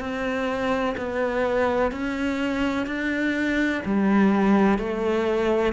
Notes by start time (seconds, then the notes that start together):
0.00 C4
0.97 B3
1.91 C#4
2.86 D4
3.85 G3
4.78 A3